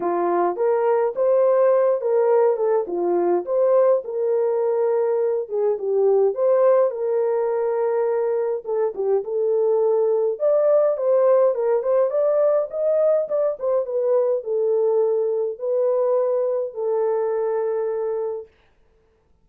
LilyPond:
\new Staff \with { instrumentName = "horn" } { \time 4/4 \tempo 4 = 104 f'4 ais'4 c''4. ais'8~ | ais'8 a'8 f'4 c''4 ais'4~ | ais'4. gis'8 g'4 c''4 | ais'2. a'8 g'8 |
a'2 d''4 c''4 | ais'8 c''8 d''4 dis''4 d''8 c''8 | b'4 a'2 b'4~ | b'4 a'2. | }